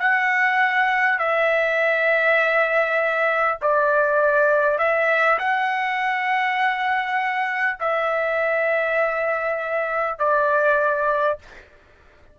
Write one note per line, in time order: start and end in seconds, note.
0.00 1.19 F#5
1.19 3.59 E5
3.62 4.79 D5
4.79 5.39 E5
5.39 7.79 F#5
7.81 10.19 E5
10.19 11.39 D5